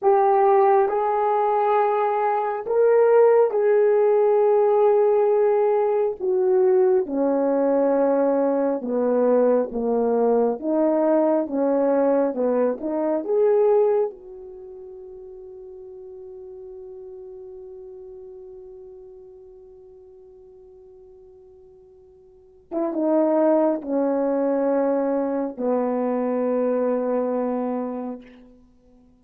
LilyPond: \new Staff \with { instrumentName = "horn" } { \time 4/4 \tempo 4 = 68 g'4 gis'2 ais'4 | gis'2. fis'4 | cis'2 b4 ais4 | dis'4 cis'4 b8 dis'8 gis'4 |
fis'1~ | fis'1~ | fis'4.~ fis'16 e'16 dis'4 cis'4~ | cis'4 b2. | }